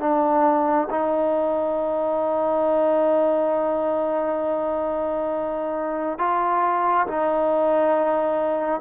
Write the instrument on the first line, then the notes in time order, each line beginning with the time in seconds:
trombone
0.00 D4
0.90 D#4
6.18 F4
7.07 D#4